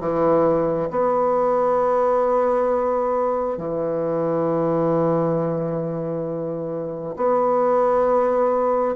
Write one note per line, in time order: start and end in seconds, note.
0.00 0.90 E3
0.90 3.57 B3
3.57 7.16 E3
7.16 8.96 B3